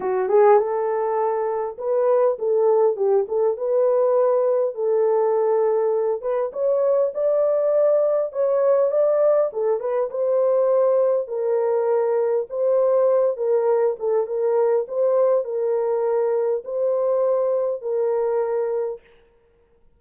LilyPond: \new Staff \with { instrumentName = "horn" } { \time 4/4 \tempo 4 = 101 fis'8 gis'8 a'2 b'4 | a'4 g'8 a'8 b'2 | a'2~ a'8 b'8 cis''4 | d''2 cis''4 d''4 |
a'8 b'8 c''2 ais'4~ | ais'4 c''4. ais'4 a'8 | ais'4 c''4 ais'2 | c''2 ais'2 | }